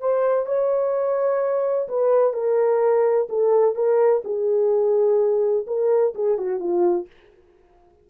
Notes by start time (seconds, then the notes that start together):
0.00 C5
0.46 C#5
1.88 B4
2.33 A#4
3.29 A4
3.75 A#4
4.24 G#4
5.67 A#4
6.15 G#4
6.38 F#4
6.60 F4